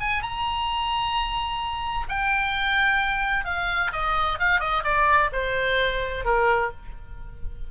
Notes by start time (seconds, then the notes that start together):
0.00 G#5
0.22 A#5
2.09 G5
3.45 F5
3.93 D#5
4.39 F5
4.60 D#5
4.84 D5
5.33 C5
6.25 A#4